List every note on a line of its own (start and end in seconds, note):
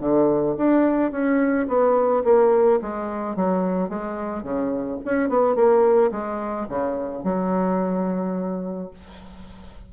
0.00 0.56 D3
0.57 1.11 D4
1.11 1.67 C#4
1.68 2.23 B3
2.24 2.80 A#3
2.81 3.36 G#3
3.36 3.89 F#3
3.89 4.43 G#3
4.43 4.98 C#3
5.05 5.29 C#4
5.29 5.55 B3
5.55 6.11 A#3
6.11 6.67 G#3
6.68 7.24 C#3
7.24 8.90 F#3